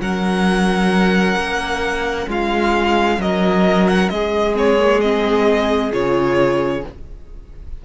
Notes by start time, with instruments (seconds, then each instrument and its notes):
0.00 cello F#3, viola C#4, violin A#4 F#5
1.36 cello A#3
2.27 cello G#3, violin F4 F5
3.18 cello F#3, violin A#4 D#5
3.88 violin F#5
4.09 cello G#3, violin G#4 D#5
4.53 viola C4, violin C#5
4.78 viola A#3
5.01 viola C4, violin D#5
5.92 cello C#3, viola F4, violin C#5